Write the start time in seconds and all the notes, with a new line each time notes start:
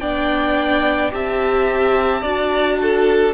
0.00 B3 D4 D5 G5
1.11 C4 G4 E5 A5
2.22 D4 F#4 D5
2.82 A4